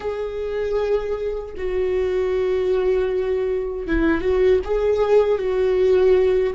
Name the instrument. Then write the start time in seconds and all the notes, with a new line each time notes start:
viola
0.00 G#4
1.57 F#4
3.87 E4
4.21 F#4
4.64 G#4
5.38 F#4